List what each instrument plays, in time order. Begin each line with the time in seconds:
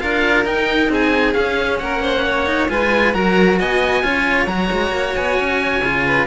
0.00 cello D4 F4, violin A#4, oboe F5
0.44 cello D#4, oboe G5
0.89 cello C4, violin G#4, oboe G#5
1.33 cello C#4, oboe F5
1.78 cello A#3, violin A#4, oboe F#5
2.02 violin C5
2.26 violin C#5
2.46 cello D#4
2.69 cello G#3 F4, violin B4, oboe G#5
3.13 cello F#3 F#4, violin A#4, oboe A#5
3.59 cello B3, violin D#5, oboe G#5
4.03 cello C#4 F4, violin C#5
4.46 cello F#3 F#4, oboe A#5
4.71 cello G#3
4.91 cello A#3
5.15 cello B3, oboe G#5
5.40 cello C#4
5.81 cello C#3 F4
6.06 violin B4